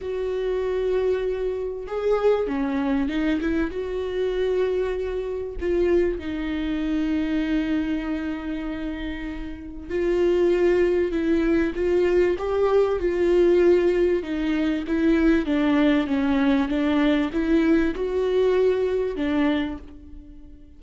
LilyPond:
\new Staff \with { instrumentName = "viola" } { \time 4/4 \tempo 4 = 97 fis'2. gis'4 | cis'4 dis'8 e'8 fis'2~ | fis'4 f'4 dis'2~ | dis'1 |
f'2 e'4 f'4 | g'4 f'2 dis'4 | e'4 d'4 cis'4 d'4 | e'4 fis'2 d'4 | }